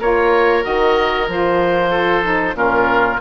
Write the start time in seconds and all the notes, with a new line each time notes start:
0.00 A#3 F4 A#4 C#5
0.62 D#3 F#4 D#5
1.28 F3 F4 C5
1.91 A4
2.23 D#4
2.54 A#2 C#4 F4 A#4